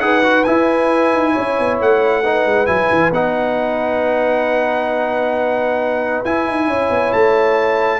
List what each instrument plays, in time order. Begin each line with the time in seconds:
0.00 tuba D#4, trombone G#4, horn B4, trumpet F#5
0.23 trombone F#4
0.44 trombone E4, tuba E4, trumpet G#5
1.13 tuba D#4
1.32 tuba C#4, horn C#5
1.59 tuba B3
1.80 tuba A3, trumpet F#5
2.22 trombone D#4, horn B4
2.45 tuba G#3
2.66 tuba F#3, trombone E4, trumpet G#5
2.90 tuba E3
3.11 tuba B3, trombone D#4, trumpet F#5
6.25 tuba E4, trombone E4, trumpet G#5
6.47 tuba D#4
6.67 tuba C#4, horn C#5
6.90 tuba B3
7.13 tuba A3, trumpet A5